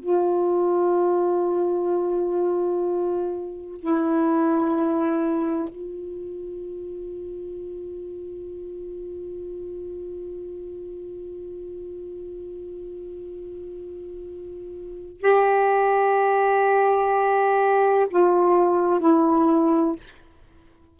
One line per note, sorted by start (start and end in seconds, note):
0.00 3.81 F4
3.81 5.69 E4
5.69 15.22 F4
15.22 18.07 G4
18.10 19.00 F4
19.00 19.96 E4